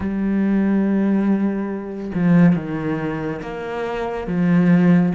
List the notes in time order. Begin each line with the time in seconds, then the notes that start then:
0.00 G3
2.14 F3
2.55 D#3
3.42 A#3
4.27 F3